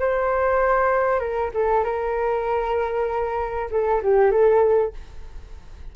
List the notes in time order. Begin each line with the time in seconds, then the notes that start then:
0.00 C5
1.20 A#4
1.54 A4
1.85 A#4
3.71 A4
4.03 G4
4.32 A4